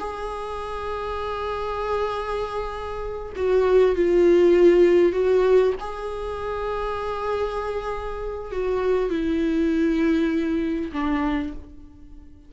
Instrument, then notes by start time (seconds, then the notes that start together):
viola
0.00 G#4
3.36 F#4
3.96 F4
5.13 F#4
5.80 G#4
8.52 F#4
9.10 E4
10.93 D4